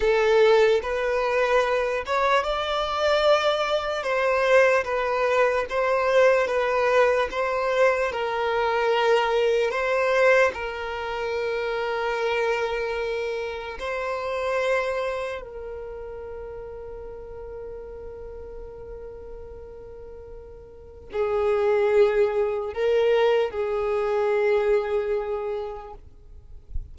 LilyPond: \new Staff \with { instrumentName = "violin" } { \time 4/4 \tempo 4 = 74 a'4 b'4. cis''8 d''4~ | d''4 c''4 b'4 c''4 | b'4 c''4 ais'2 | c''4 ais'2.~ |
ais'4 c''2 ais'4~ | ais'1~ | ais'2 gis'2 | ais'4 gis'2. | }